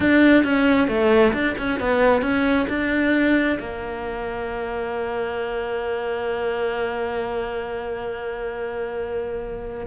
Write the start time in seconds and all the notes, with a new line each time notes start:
0.00 D4
0.44 C#4
0.88 A3
1.33 D4
1.58 C#4
1.80 B3
2.21 C#4
2.68 D4
3.59 A#3